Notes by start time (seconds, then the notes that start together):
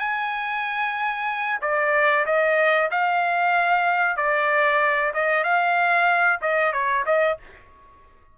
0.00 G#5
1.62 D5
2.26 D#5
2.91 F5
4.17 D5
5.14 D#5
5.44 F5
6.42 D#5
6.73 C#5
7.06 D#5